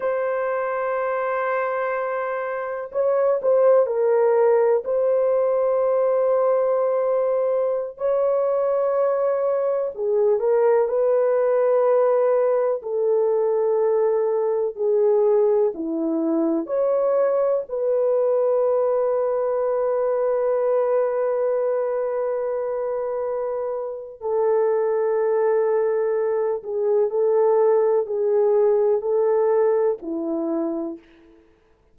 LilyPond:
\new Staff \with { instrumentName = "horn" } { \time 4/4 \tempo 4 = 62 c''2. cis''8 c''8 | ais'4 c''2.~ | c''16 cis''2 gis'8 ais'8 b'8.~ | b'4~ b'16 a'2 gis'8.~ |
gis'16 e'4 cis''4 b'4.~ b'16~ | b'1~ | b'4 a'2~ a'8 gis'8 | a'4 gis'4 a'4 e'4 | }